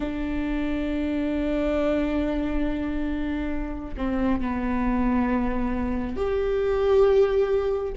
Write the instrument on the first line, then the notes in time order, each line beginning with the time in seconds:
viola
0.00 D4
3.97 C4
4.40 B3
6.16 G4